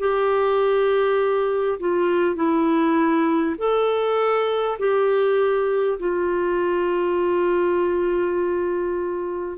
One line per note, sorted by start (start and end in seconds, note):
0.00 1.80 G4
1.80 2.36 F4
2.36 3.56 E4
3.58 4.78 A4
4.79 5.99 G4
5.99 9.58 F4